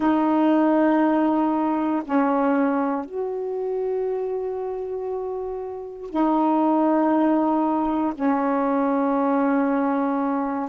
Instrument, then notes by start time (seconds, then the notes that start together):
saxophone
0.00 D#4
2.04 C#4
3.05 F#4
6.10 D#4
8.14 C#4